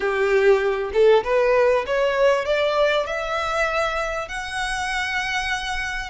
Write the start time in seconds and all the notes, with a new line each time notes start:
0.00 G4
0.93 A4
1.24 B4
1.86 C#5
2.45 D5
3.06 E5
4.28 F#5